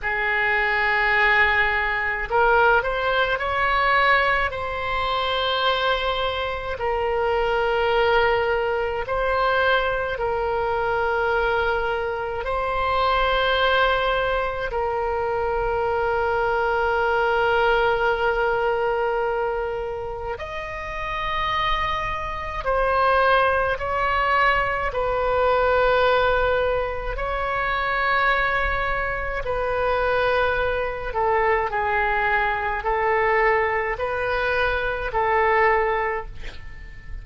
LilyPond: \new Staff \with { instrumentName = "oboe" } { \time 4/4 \tempo 4 = 53 gis'2 ais'8 c''8 cis''4 | c''2 ais'2 | c''4 ais'2 c''4~ | c''4 ais'2.~ |
ais'2 dis''2 | c''4 cis''4 b'2 | cis''2 b'4. a'8 | gis'4 a'4 b'4 a'4 | }